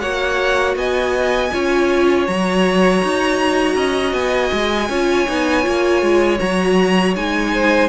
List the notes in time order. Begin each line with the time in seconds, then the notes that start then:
0.00 A#3 F#4 C#5 F#5
0.75 B3 D#5 G#5
1.53 C#4 F4 C#5
2.27 F#3 F#4 A#5
3.03 D#4
3.75 C#4 D#5
4.13 B3 G#5
4.52 G#3
4.89 C#4 F4 C#5
5.27 B3 D#4
5.63 A#3 F4
6.02 G#3
6.39 F#3 F#4 A#5
7.15 G#3 D#4 G#5
7.53 C5